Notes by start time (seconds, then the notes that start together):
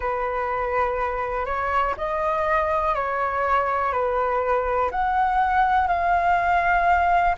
0.00 B4
1.45 C#5
1.97 D#5
2.94 C#5
3.92 B4
4.91 F#5
5.87 F5